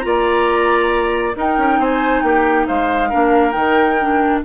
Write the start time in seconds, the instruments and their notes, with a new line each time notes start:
0.00 bassoon A#3, clarinet F4, flute A#5
0.06 oboe D5
1.36 clarinet D#4, bassoon D#4, oboe A#4, flute G5
1.58 bassoon C#4
1.78 bassoon C4, oboe C5, flute G#5
2.21 bassoon A#3, oboe G4, flute G5
2.66 bassoon G#3, oboe C5, flute F5
3.09 bassoon A#3, clarinet D4, oboe A#4
3.51 bassoon D#3, clarinet D#4, flute G5
4.01 clarinet D4